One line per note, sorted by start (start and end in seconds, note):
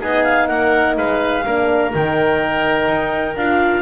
0.00 0.50 B3
0.00 1.44 D#4
0.00 0.48 G#4
0.00 0.23 D#5
0.23 0.47 F5
0.47 0.97 A#3
0.47 0.96 A#4
0.47 0.95 F#5
0.97 1.45 G#3
0.97 1.45 B4
0.97 1.93 F5
1.45 1.94 A#3
1.45 1.91 D4
1.45 3.82 A#4
1.91 2.88 D#3
1.91 3.35 D#4
1.91 3.36 G5
2.88 3.36 D#4
3.36 3.82 D4
3.36 3.82 F4
3.36 3.82 F5